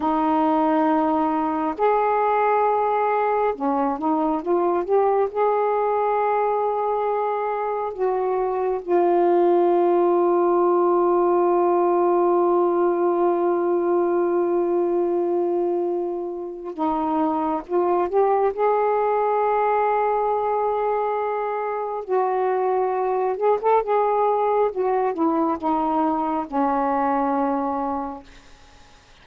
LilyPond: \new Staff \with { instrumentName = "saxophone" } { \time 4/4 \tempo 4 = 68 dis'2 gis'2 | cis'8 dis'8 f'8 g'8 gis'2~ | gis'4 fis'4 f'2~ | f'1~ |
f'2. dis'4 | f'8 g'8 gis'2.~ | gis'4 fis'4. gis'16 a'16 gis'4 | fis'8 e'8 dis'4 cis'2 | }